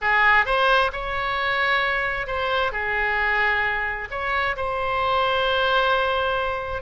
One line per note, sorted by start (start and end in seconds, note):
0.01 0.45 G#4
0.45 0.91 C5
0.92 2.26 C#5
2.26 2.72 C5
2.72 4.08 G#4
4.10 4.56 C#5
4.56 6.82 C5